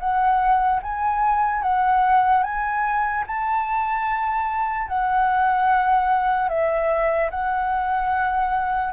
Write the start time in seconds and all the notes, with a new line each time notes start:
0.00 F#5
0.83 G#5
1.63 F#5
2.44 G#5
3.27 A5
4.89 F#5
6.49 E5
7.31 F#5